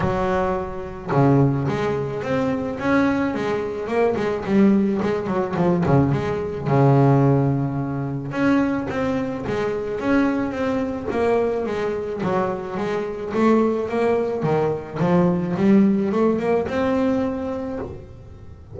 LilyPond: \new Staff \with { instrumentName = "double bass" } { \time 4/4 \tempo 4 = 108 fis2 cis4 gis4 | c'4 cis'4 gis4 ais8 gis8 | g4 gis8 fis8 f8 cis8 gis4 | cis2. cis'4 |
c'4 gis4 cis'4 c'4 | ais4 gis4 fis4 gis4 | a4 ais4 dis4 f4 | g4 a8 ais8 c'2 | }